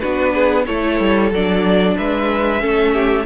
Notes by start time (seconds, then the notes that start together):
0.00 B3 D4 F#4 B4
0.34 G#4
0.67 A3 E4 A4 C#5
1.01 G3
1.31 F#3 D4 D5
1.97 G#3 B4 E5
2.61 A3 C#4 A4
2.94 G4